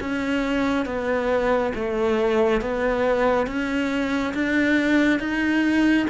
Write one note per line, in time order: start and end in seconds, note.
0.00 0.85 C#4
0.85 1.72 B3
1.75 2.61 A3
2.61 3.47 B3
3.47 4.34 C#4
4.34 5.20 D4
5.20 6.07 D#4